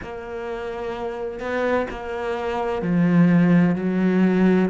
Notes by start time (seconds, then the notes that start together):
0.02 A#3
1.39 B3
1.90 A#3
2.82 F3
3.75 F#3